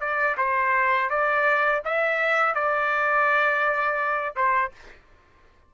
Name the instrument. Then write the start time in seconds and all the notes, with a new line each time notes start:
trumpet
0.00 D5
0.37 C5
1.10 D5
1.85 E5
2.54 D5
4.36 C5